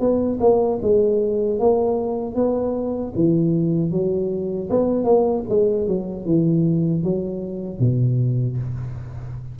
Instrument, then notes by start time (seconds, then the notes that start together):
tuba
0.00 B3
0.40 A#3
0.82 G#3
1.60 A#3
2.35 B3
3.16 E3
3.91 F#3
4.70 B3
5.05 A#3
5.50 G#3
5.88 F#3
6.26 E3
7.03 F#3
7.80 B2